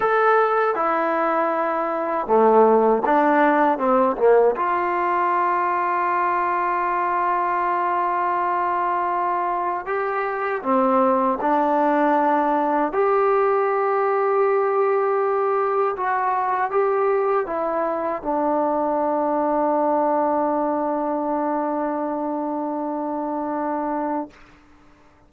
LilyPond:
\new Staff \with { instrumentName = "trombone" } { \time 4/4 \tempo 4 = 79 a'4 e'2 a4 | d'4 c'8 ais8 f'2~ | f'1~ | f'4 g'4 c'4 d'4~ |
d'4 g'2.~ | g'4 fis'4 g'4 e'4 | d'1~ | d'1 | }